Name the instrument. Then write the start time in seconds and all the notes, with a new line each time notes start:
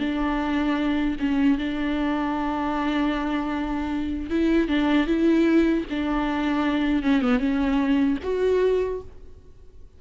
viola
0.00 D4
1.20 C#4
1.58 D4
4.30 E4
4.68 D4
5.07 E4
5.90 D4
7.03 C#4
7.22 B3
7.40 C#4
8.24 F#4